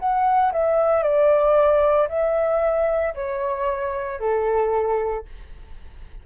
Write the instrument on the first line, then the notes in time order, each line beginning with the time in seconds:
flute
0.00 F#5
0.53 E5
1.03 D5
2.09 E5
3.15 C#5
4.20 A4